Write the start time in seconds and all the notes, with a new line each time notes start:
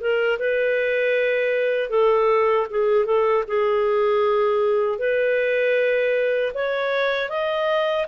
0.00 A#4
0.39 B4
1.90 A4
2.71 G#4
3.05 A4
3.48 G#4
4.99 B4
6.55 C#5
7.29 D#5